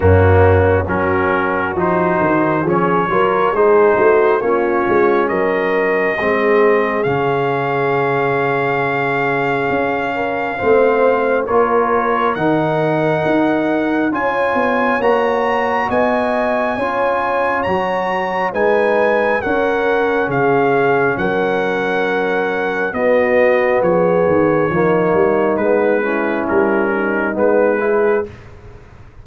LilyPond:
<<
  \new Staff \with { instrumentName = "trumpet" } { \time 4/4 \tempo 4 = 68 fis'4 ais'4 c''4 cis''4 | c''4 cis''4 dis''2 | f''1~ | f''4 cis''4 fis''2 |
gis''4 ais''4 gis''2 | ais''4 gis''4 fis''4 f''4 | fis''2 dis''4 cis''4~ | cis''4 b'4 ais'4 b'4 | }
  \new Staff \with { instrumentName = "horn" } { \time 4/4 cis'4 fis'2 gis'8 ais'8 | gis'8 fis'8 f'4 ais'4 gis'4~ | gis'2.~ gis'8 ais'8 | c''4 ais'2. |
cis''2 dis''4 cis''4~ | cis''4 b'4 ais'4 gis'4 | ais'2 fis'4 gis'4 | dis'4. e'4 dis'4 gis'8 | }
  \new Staff \with { instrumentName = "trombone" } { \time 4/4 ais4 cis'4 dis'4 cis'8 f'8 | dis'4 cis'2 c'4 | cis'1 | c'4 f'4 dis'2 |
f'4 fis'2 f'4 | fis'4 dis'4 cis'2~ | cis'2 b2 | ais4 b8 cis'4. b8 e'8 | }
  \new Staff \with { instrumentName = "tuba" } { \time 4/4 fis,4 fis4 f8 dis8 f8 fis8 | gis8 a8 ais8 gis8 fis4 gis4 | cis2. cis'4 | a4 ais4 dis4 dis'4 |
cis'8 b8 ais4 b4 cis'4 | fis4 gis4 cis'4 cis4 | fis2 b4 f8 dis8 | f8 g8 gis4 g4 gis4 | }
>>